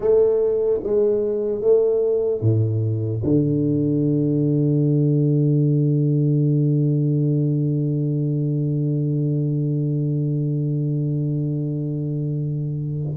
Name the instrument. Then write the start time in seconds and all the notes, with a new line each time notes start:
tuba
0.00 A3
0.83 G#3
1.61 A3
2.41 A2
3.24 D3